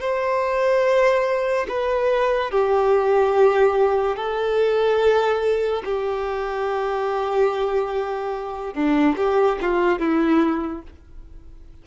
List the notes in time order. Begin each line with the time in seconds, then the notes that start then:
0.00 C5
1.69 B4
2.51 G4
4.16 A4
5.85 G4
8.73 D4
9.17 G4
9.61 F4
9.99 E4